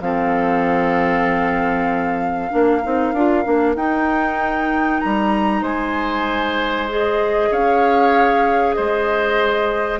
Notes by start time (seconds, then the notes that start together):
0.00 F3 C4 A4 F5
2.50 A#3 D4 A#4
2.82 C4 D#4
3.13 D4 F4
3.43 A#3 D4
3.75 D#4 G5
5.00 G3 A#5
5.61 G#3 C5 G#5
6.89 G#4 D#5
7.51 C#4 C#5 F5
8.73 G#3 C5 D#5